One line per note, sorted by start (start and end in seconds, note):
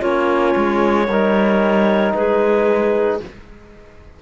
0.00 0.55 A#3
0.00 1.07 C#4
0.00 1.05 F4
0.00 2.13 C#5
0.57 1.08 G#3
1.08 2.14 G3
1.08 3.22 D#4
1.08 2.14 A#4
2.14 3.20 G#3
2.14 3.22 G#4
2.14 3.19 B4